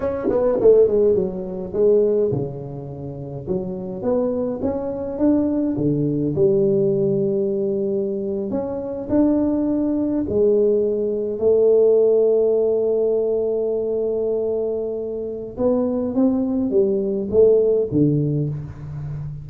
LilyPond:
\new Staff \with { instrumentName = "tuba" } { \time 4/4 \tempo 4 = 104 cis'8 b8 a8 gis8 fis4 gis4 | cis2 fis4 b4 | cis'4 d'4 d4 g4~ | g2~ g8. cis'4 d'16~ |
d'4.~ d'16 gis2 a16~ | a1~ | a2. b4 | c'4 g4 a4 d4 | }